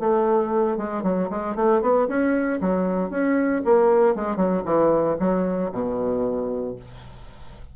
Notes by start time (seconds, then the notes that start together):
0.00 A3
0.78 G#3
1.03 F#3
1.30 G#3
1.56 A3
1.82 B3
2.09 C#4
2.61 F#3
3.11 C#4
3.65 A#3
4.16 G#3
4.37 F#3
4.66 E3
5.20 F#3
5.72 B2